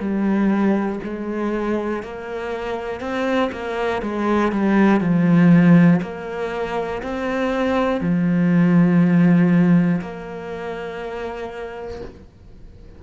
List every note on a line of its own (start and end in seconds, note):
0.00 1.00 G3
1.04 2.03 G#3
2.03 3.01 A#3
3.01 3.51 C4
3.52 4.02 A#3
4.03 4.52 G#3
4.52 5.01 G3
5.01 6.01 F3
6.02 7.02 A#3
7.03 8.01 C4
8.01 10.01 F3
10.02 12.02 A#3